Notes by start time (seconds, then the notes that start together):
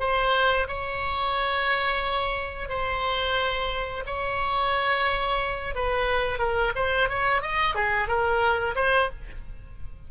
0.00 C5
0.68 C#5
2.69 C5
4.06 C#5
5.75 B4
6.39 A#4
6.76 C5
7.09 C#5
7.42 D#5
7.75 G#4
8.08 A#4
8.75 C5